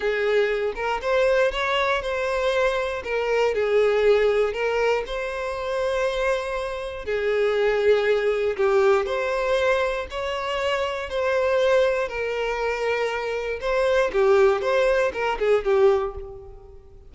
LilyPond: \new Staff \with { instrumentName = "violin" } { \time 4/4 \tempo 4 = 119 gis'4. ais'8 c''4 cis''4 | c''2 ais'4 gis'4~ | gis'4 ais'4 c''2~ | c''2 gis'2~ |
gis'4 g'4 c''2 | cis''2 c''2 | ais'2. c''4 | g'4 c''4 ais'8 gis'8 g'4 | }